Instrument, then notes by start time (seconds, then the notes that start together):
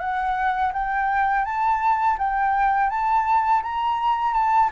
flute
0.00 F#5
0.73 G5
1.45 A5
2.18 G5
2.90 A5
3.62 A#5
4.33 A5